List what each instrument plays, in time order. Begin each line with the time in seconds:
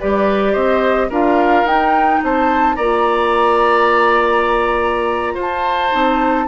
0.00 bassoon G3, clarinet G4, oboe B4, flute D5
0.52 bassoon C4, oboe C5, flute D#5
1.10 bassoon D4, clarinet F4, oboe A#4, flute F5
1.64 bassoon D#4, clarinet D#4, flute G5
2.23 bassoon C4, oboe C5, flute A5
2.76 bassoon A#3, clarinet F4, oboe D5, flute A#5
5.35 bassoon F4, oboe C5
5.41 flute A5
5.93 bassoon C4, clarinet D#4